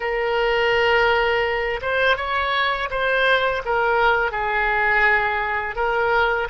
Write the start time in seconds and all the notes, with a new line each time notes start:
0.00 A#4
1.81 C5
2.17 C#5
2.90 C5
3.65 A#4
4.31 G#4
5.75 A#4